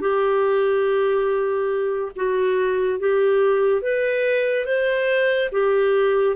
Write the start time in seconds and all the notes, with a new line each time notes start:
0.00 G4
2.15 F#4
2.99 G4
3.81 B4
4.65 C5
5.51 G4